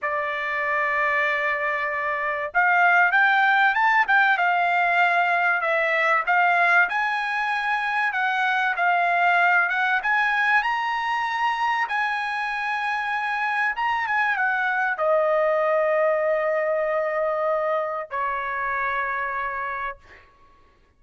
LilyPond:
\new Staff \with { instrumentName = "trumpet" } { \time 4/4 \tempo 4 = 96 d''1 | f''4 g''4 a''8 g''8 f''4~ | f''4 e''4 f''4 gis''4~ | gis''4 fis''4 f''4. fis''8 |
gis''4 ais''2 gis''4~ | gis''2 ais''8 gis''8 fis''4 | dis''1~ | dis''4 cis''2. | }